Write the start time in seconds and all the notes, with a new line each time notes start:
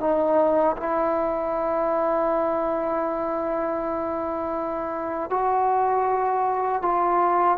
0.00 D#4
0.77 E4
5.30 F#4
6.82 F4